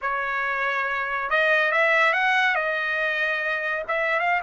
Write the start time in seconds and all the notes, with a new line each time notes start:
0.01 C#5
1.30 D#5
1.71 E5
2.13 F#5
2.55 D#5
3.87 E5
4.19 F5